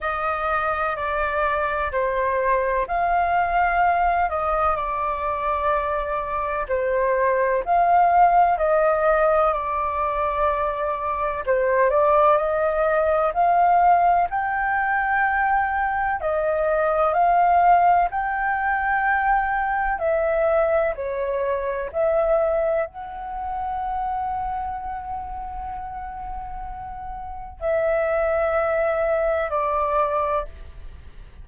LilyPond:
\new Staff \with { instrumentName = "flute" } { \time 4/4 \tempo 4 = 63 dis''4 d''4 c''4 f''4~ | f''8 dis''8 d''2 c''4 | f''4 dis''4 d''2 | c''8 d''8 dis''4 f''4 g''4~ |
g''4 dis''4 f''4 g''4~ | g''4 e''4 cis''4 e''4 | fis''1~ | fis''4 e''2 d''4 | }